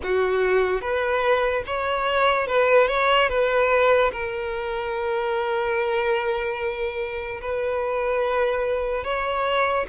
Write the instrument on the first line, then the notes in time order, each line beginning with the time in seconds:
violin
0.03 F#4
0.81 B4
1.66 C#5
2.47 B4
2.87 C#5
3.29 B4
4.11 A#4
7.41 B4
9.04 C#5